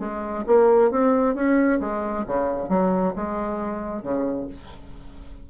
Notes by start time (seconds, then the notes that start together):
0.00 G#3
0.47 A#3
0.91 C4
1.35 C#4
1.80 G#3
2.27 C#3
2.69 F#3
3.16 G#3
4.03 C#3